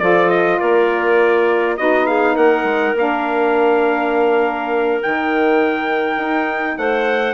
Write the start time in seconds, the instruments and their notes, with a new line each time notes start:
0.00 bassoon F3, saxophone F4, clarinet A4, trumpet D5
0.30 trumpet D#5
0.59 bassoon A#3, clarinet A#4, trumpet D5
1.77 bassoon B3, saxophone D#4, clarinet F#4, trumpet D#5
2.07 clarinet G#4, trumpet F5
2.34 bassoon A#3, clarinet A#4, trumpet F#5
2.64 bassoon G#3
2.95 bassoon A#3, saxophone D4, trumpet F5
5.01 bassoon D#3, saxophone D#4, trumpet G5
6.18 bassoon D#4
6.78 bassoon A3, clarinet C5, trumpet F#5